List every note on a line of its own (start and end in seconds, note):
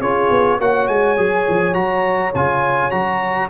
0.00 0.29 C#4
0.00 0.60 F4
0.00 0.59 G#4
0.00 0.59 C#5
0.30 0.59 B3
0.59 0.88 A#3
0.59 1.17 F#4
0.59 3.49 C#5
0.59 0.87 F#5
0.87 1.18 G#3
0.87 1.74 G#5
1.17 1.47 F#3
1.17 1.73 G#4
1.48 1.75 F3
1.73 2.33 F#3
1.73 2.32 F#4
1.73 2.32 A#5
2.34 2.92 C#3
2.34 2.91 F4
2.34 2.91 G#5
2.91 3.49 F#3
2.91 3.49 F#4
2.91 3.49 A#5